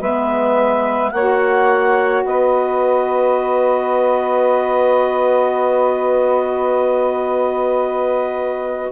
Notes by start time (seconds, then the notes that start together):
0.00 G#3 B3 B4 E5
1.11 A#3 F#4 C#5 F#5
2.25 B3 B4 D#5